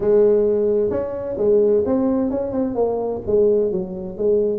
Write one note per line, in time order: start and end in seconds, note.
0.00 0.90 G#3
0.90 1.36 C#4
1.37 1.83 G#3
1.85 2.30 C4
2.30 2.52 C#4
2.52 2.75 C4
2.75 3.21 A#3
3.26 3.71 G#3
3.71 4.17 F#3
4.17 4.59 G#3